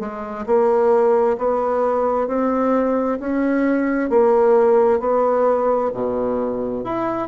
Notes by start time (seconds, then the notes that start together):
0.00 G#3
0.46 A#3
1.38 B3
2.28 C4
3.20 C#4
4.10 A#3
5.00 B3
5.94 B2
6.85 E4